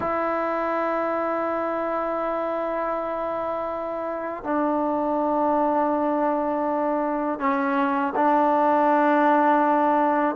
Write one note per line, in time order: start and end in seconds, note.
0.00 4.43 E4
4.43 7.39 D4
7.39 8.13 C#4
8.15 10.35 D4